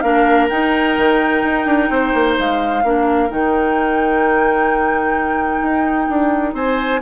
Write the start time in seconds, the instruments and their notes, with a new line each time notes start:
0.00 bassoon A#3, clarinet D4, oboe A#4, flute F5
0.49 clarinet D#4, bassoon D#4, flute G5
0.97 bassoon D#3
1.42 bassoon D#4
1.65 bassoon D4
1.89 bassoon C4, oboe C5
2.13 bassoon A#3
2.39 bassoon G#3, flute F5
2.83 bassoon A#3, clarinet D4, oboe A#4
3.28 bassoon D#3, clarinet D#4, flute G5
5.61 bassoon D#4
6.09 bassoon D4
6.53 bassoon C4, oboe C5, flute G#5